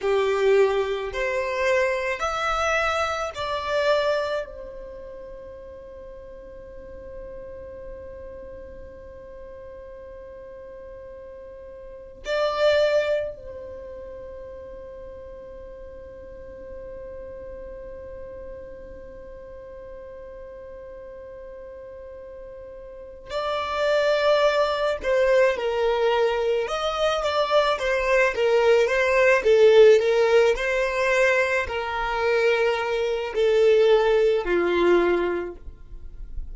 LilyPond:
\new Staff \with { instrumentName = "violin" } { \time 4/4 \tempo 4 = 54 g'4 c''4 e''4 d''4 | c''1~ | c''2. d''4 | c''1~ |
c''1~ | c''4 d''4. c''8 ais'4 | dis''8 d''8 c''8 ais'8 c''8 a'8 ais'8 c''8~ | c''8 ais'4. a'4 f'4 | }